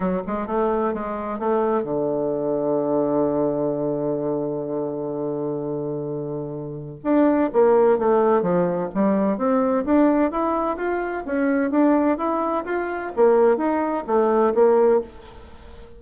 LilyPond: \new Staff \with { instrumentName = "bassoon" } { \time 4/4 \tempo 4 = 128 fis8 gis8 a4 gis4 a4 | d1~ | d1~ | d2. d'4 |
ais4 a4 f4 g4 | c'4 d'4 e'4 f'4 | cis'4 d'4 e'4 f'4 | ais4 dis'4 a4 ais4 | }